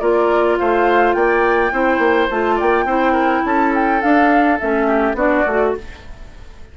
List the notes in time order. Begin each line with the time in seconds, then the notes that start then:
0.00 A#3 F4 A#4 D5
0.59 A3 C5 F5
1.14 A#3 D5 G5
1.72 C4 E4 C5
1.99 A#3
2.31 A3 F4 A5
2.56 A#3 D5 G5
2.85 C4 E4 C5
3.13 A#4
3.46 C#4 A4 A5
3.75 G5
4.02 D4 F5
4.60 A3 C#4 E5
4.88 G4
5.15 B3 D4 F#4 D5
5.46 A3 F#4